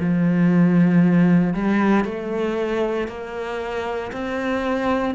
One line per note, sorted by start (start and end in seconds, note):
0.00 1.54 F3
1.54 2.05 G3
2.05 3.08 A3
3.08 4.12 A#3
4.12 5.15 C4